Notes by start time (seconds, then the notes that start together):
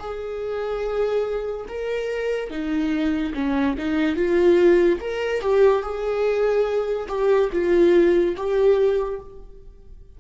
0.00 G#4
1.69 A#4
2.50 D#4
3.35 C#4
3.78 D#4
4.16 F4
5.01 A#4
5.42 G4
5.83 G#4
7.09 G4
7.53 F4
8.37 G4